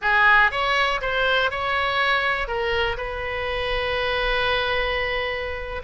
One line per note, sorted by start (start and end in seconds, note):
0.01 0.51 G#4
0.51 1.01 C#5
1.01 1.50 C5
1.50 2.47 C#5
2.47 2.97 A#4
2.97 5.82 B4